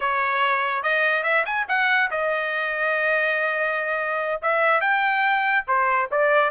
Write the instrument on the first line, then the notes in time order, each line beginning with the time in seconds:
trumpet
0.00 C#5
0.82 D#5
1.23 E5
1.45 G#5
1.68 F#5
2.10 D#5
4.42 E5
4.80 G5
5.67 C5
6.11 D5